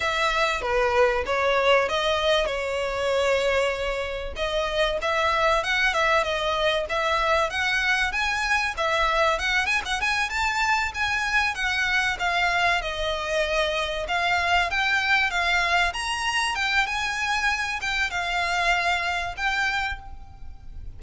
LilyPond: \new Staff \with { instrumentName = "violin" } { \time 4/4 \tempo 4 = 96 e''4 b'4 cis''4 dis''4 | cis''2. dis''4 | e''4 fis''8 e''8 dis''4 e''4 | fis''4 gis''4 e''4 fis''8 gis''16 fis''16 |
gis''8 a''4 gis''4 fis''4 f''8~ | f''8 dis''2 f''4 g''8~ | g''8 f''4 ais''4 g''8 gis''4~ | gis''8 g''8 f''2 g''4 | }